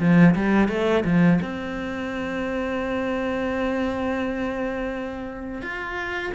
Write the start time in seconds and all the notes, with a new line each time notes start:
0.00 F3
0.36 G3
0.69 A3
1.05 F3
1.42 C4
5.62 F4